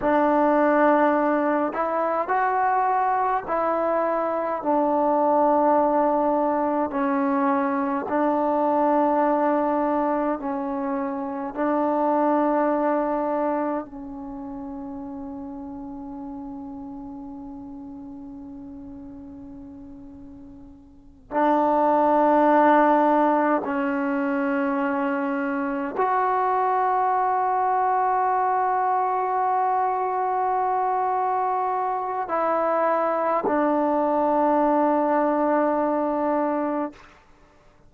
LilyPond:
\new Staff \with { instrumentName = "trombone" } { \time 4/4 \tempo 4 = 52 d'4. e'8 fis'4 e'4 | d'2 cis'4 d'4~ | d'4 cis'4 d'2 | cis'1~ |
cis'2~ cis'8 d'4.~ | d'8 cis'2 fis'4.~ | fis'1 | e'4 d'2. | }